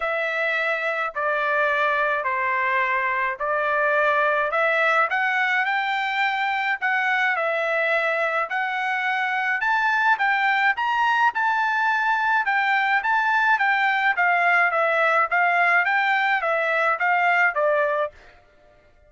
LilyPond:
\new Staff \with { instrumentName = "trumpet" } { \time 4/4 \tempo 4 = 106 e''2 d''2 | c''2 d''2 | e''4 fis''4 g''2 | fis''4 e''2 fis''4~ |
fis''4 a''4 g''4 ais''4 | a''2 g''4 a''4 | g''4 f''4 e''4 f''4 | g''4 e''4 f''4 d''4 | }